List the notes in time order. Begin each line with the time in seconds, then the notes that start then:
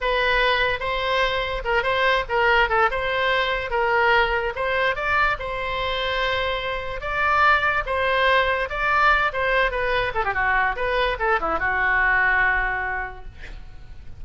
0.01 B4
0.79 C5
1.64 A#4
1.82 C5
2.29 A#4
2.69 A4
2.90 C5
3.70 A#4
4.55 C5
4.95 D5
5.39 C5
7.00 D5
7.86 C5
8.69 D5
9.32 C5
9.71 B4
10.14 A4
10.24 G4
10.34 F#4
10.75 B4
11.19 A4
11.40 E4
11.59 F#4